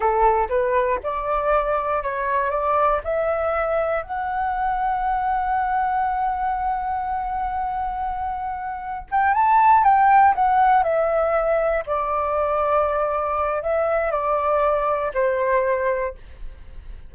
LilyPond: \new Staff \with { instrumentName = "flute" } { \time 4/4 \tempo 4 = 119 a'4 b'4 d''2 | cis''4 d''4 e''2 | fis''1~ | fis''1~ |
fis''2 g''8 a''4 g''8~ | g''8 fis''4 e''2 d''8~ | d''2. e''4 | d''2 c''2 | }